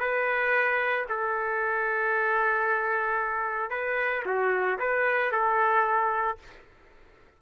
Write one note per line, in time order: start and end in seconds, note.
0.00 1.06 B4
1.09 3.70 A4
3.70 4.24 B4
4.26 4.79 F#4
4.79 5.32 B4
5.32 6.38 A4